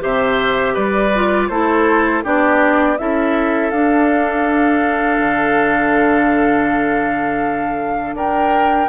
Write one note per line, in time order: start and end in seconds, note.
0.00 0.76 C3
0.00 1.11 G4
0.00 0.74 C5
0.00 0.75 E5
0.74 1.50 G3
0.74 1.48 B4
0.74 1.49 D5
1.15 1.51 F4
1.49 2.24 A3
1.49 2.24 E4
1.49 2.24 A4
1.49 2.23 C5
2.24 2.99 B3
2.24 2.98 D4
2.24 2.98 G4
2.24 2.98 D5
2.98 3.72 C#4
2.98 3.73 E4
2.98 8.16 A4
2.98 3.71 E5
3.71 5.19 D4
3.71 8.89 D4
3.71 8.15 F5
5.19 8.14 D3
8.14 8.88 D4
8.14 8.89 A#4
8.14 8.89 G5